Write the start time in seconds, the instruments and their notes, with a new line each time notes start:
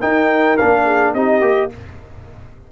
0.00 trombone D#4, tuba D#4, horn A#4, trumpet G5
0.57 tuba A#3, trombone D4, trumpet F5
0.85 horn G#4
1.14 tuba C4, trombone D#4, horn G4, trumpet D#5
1.41 tuba A#3, trombone G4